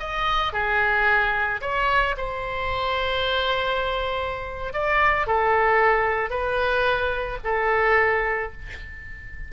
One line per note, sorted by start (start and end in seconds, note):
0.00 0.53 D#5
0.53 1.61 G#4
1.62 2.16 C#5
2.17 4.73 C5
4.73 5.27 D5
5.27 6.30 A4
6.30 7.38 B4
7.44 8.52 A4